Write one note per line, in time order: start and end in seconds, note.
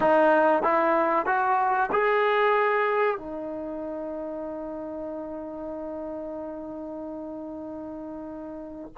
0.00 0.62 D#4
0.62 1.26 E4
1.26 1.89 F#4
1.91 3.17 G#4
3.17 8.92 D#4